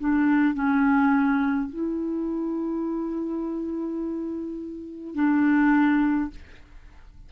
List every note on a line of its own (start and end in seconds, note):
0.00 0.55 D4
0.55 1.69 C#4
1.69 5.15 E4
5.15 6.30 D4